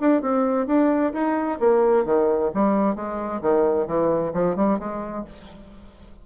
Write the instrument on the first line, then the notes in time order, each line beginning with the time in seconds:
bassoon
0.00 D4
0.22 C4
0.66 D4
1.13 D#4
1.59 A#3
2.05 D#3
2.54 G3
2.95 G#3
3.41 D#3
3.86 E3
4.33 F3
4.56 G3
4.79 G#3